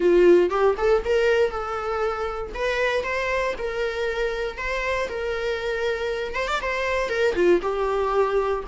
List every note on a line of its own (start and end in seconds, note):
0.00 0.49 F4
0.49 0.75 G4
0.77 1.03 A4
1.04 1.50 A#4
1.50 2.52 A4
2.54 3.03 B4
3.03 3.54 C5
3.58 4.57 A#4
4.57 5.08 C5
5.08 6.34 A#4
6.34 6.47 C5
6.47 6.60 D5
6.61 7.09 C5
7.09 7.34 A#4
7.35 7.60 F4
7.62 8.63 G4